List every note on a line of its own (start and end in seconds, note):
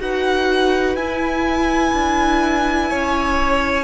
0.00 0.96 D#4
0.00 0.97 F#4
0.00 2.91 B4
0.00 0.96 F#5
0.96 1.92 E4
0.96 3.85 E4
0.96 3.85 G#5
1.93 2.90 D4
2.91 3.85 C#4
2.91 3.85 C#5